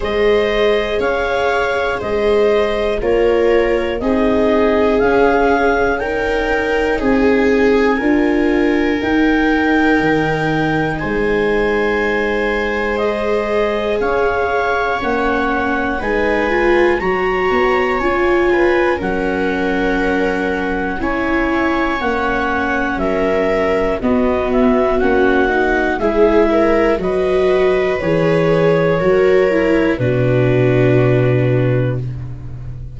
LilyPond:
<<
  \new Staff \with { instrumentName = "clarinet" } { \time 4/4 \tempo 4 = 60 dis''4 f''4 dis''4 cis''4 | dis''4 f''4 g''4 gis''4~ | gis''4 g''2 gis''4~ | gis''4 dis''4 f''4 fis''4 |
gis''4 ais''4 gis''4 fis''4~ | fis''4 gis''4 fis''4 e''4 | dis''8 e''8 fis''4 e''4 dis''4 | cis''2 b'2 | }
  \new Staff \with { instrumentName = "viola" } { \time 4/4 c''4 cis''4 c''4 ais'4 | gis'2 ais'4 gis'4 | ais'2. c''4~ | c''2 cis''2 |
b'4 cis''4. b'8 ais'4~ | ais'4 cis''2 ais'4 | fis'2 gis'8 ais'8 b'4~ | b'4 ais'4 fis'2 | }
  \new Staff \with { instrumentName = "viola" } { \time 4/4 gis'2. f'4 | dis'4 cis'4 dis'2 | f'4 dis'2.~ | dis'4 gis'2 cis'4 |
dis'8 f'8 fis'4 f'4 cis'4~ | cis'4 e'4 cis'2 | b4 cis'8 dis'8 e'4 fis'4 | gis'4 fis'8 e'8 d'2 | }
  \new Staff \with { instrumentName = "tuba" } { \time 4/4 gis4 cis'4 gis4 ais4 | c'4 cis'2 c'4 | d'4 dis'4 dis4 gis4~ | gis2 cis'4 ais4 |
gis4 fis8 b8 cis'4 fis4~ | fis4 cis'4 ais4 fis4 | b4 ais4 gis4 fis4 | e4 fis4 b,2 | }
>>